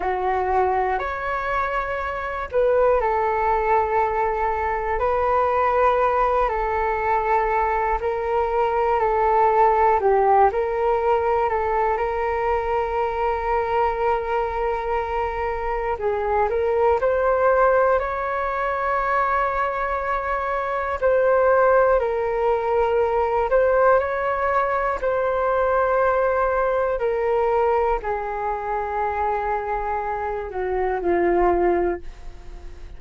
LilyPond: \new Staff \with { instrumentName = "flute" } { \time 4/4 \tempo 4 = 60 fis'4 cis''4. b'8 a'4~ | a'4 b'4. a'4. | ais'4 a'4 g'8 ais'4 a'8 | ais'1 |
gis'8 ais'8 c''4 cis''2~ | cis''4 c''4 ais'4. c''8 | cis''4 c''2 ais'4 | gis'2~ gis'8 fis'8 f'4 | }